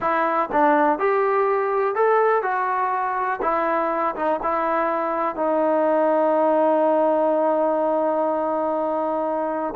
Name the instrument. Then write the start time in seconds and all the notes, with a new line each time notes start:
trombone
0.00 E4
0.51 D4
0.98 G4
1.95 A4
2.42 F#4
3.42 E4
4.15 D#4
4.42 E4
5.35 D#4